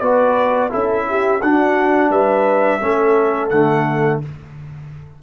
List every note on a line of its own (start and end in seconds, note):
0.00 0.72 B3
0.00 0.70 F#4
0.00 0.71 B4
0.00 0.70 D5
0.70 1.42 C#4
0.70 1.40 E4
0.70 1.06 A4
0.70 1.42 E5
1.10 1.42 G4
1.42 2.10 D4
1.42 2.81 D4
1.42 2.11 F#4
1.42 2.12 F#5
2.10 2.80 G3
2.10 2.81 B4
2.10 3.50 E5
2.81 3.51 A3
2.81 3.51 C#4
2.81 4.21 A4
3.50 4.21 D3
3.50 4.23 A3
3.50 4.20 F#5